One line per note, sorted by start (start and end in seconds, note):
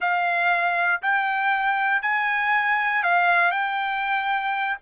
0.00 1.01 F5
1.02 2.02 G5
2.02 3.03 G#5
3.03 3.51 F5
3.51 4.77 G5